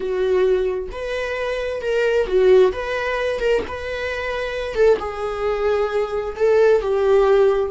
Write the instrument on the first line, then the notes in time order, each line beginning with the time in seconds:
viola
0.00 F#4
0.91 B4
1.81 A#4
2.26 F#4
2.72 B4
3.39 A#4
3.67 B4
4.74 A4
4.99 G#4
6.36 A4
6.81 G4